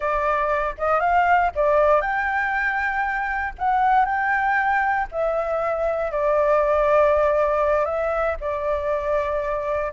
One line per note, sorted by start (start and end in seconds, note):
0.00 0.74 D5
0.78 1.00 D#5
1.00 1.50 F5
1.55 2.01 D5
2.01 3.53 G5
3.58 4.05 F#5
4.05 5.07 G5
5.11 6.11 E5
6.11 7.85 D5
7.85 8.36 E5
8.40 9.92 D5